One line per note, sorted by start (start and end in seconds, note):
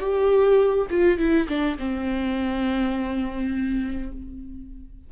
0.00 0.87 G4
0.91 1.18 F4
1.18 1.47 E4
1.49 1.78 D4
1.79 4.12 C4